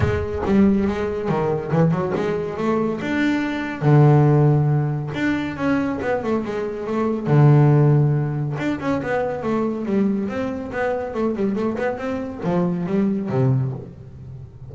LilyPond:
\new Staff \with { instrumentName = "double bass" } { \time 4/4 \tempo 4 = 140 gis4 g4 gis4 dis4 | e8 fis8 gis4 a4 d'4~ | d'4 d2. | d'4 cis'4 b8 a8 gis4 |
a4 d2. | d'8 cis'8 b4 a4 g4 | c'4 b4 a8 g8 a8 b8 | c'4 f4 g4 c4 | }